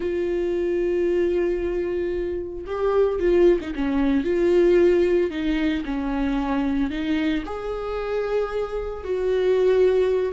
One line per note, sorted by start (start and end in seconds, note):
0.00 2.65 F4
2.66 3.19 G4
3.19 3.59 F4
3.61 3.74 D#4
3.75 4.24 C#4
4.24 5.30 F4
5.30 5.83 D#4
5.85 6.90 C#4
6.90 7.43 D#4
7.45 9.03 G#4
9.03 10.32 F#4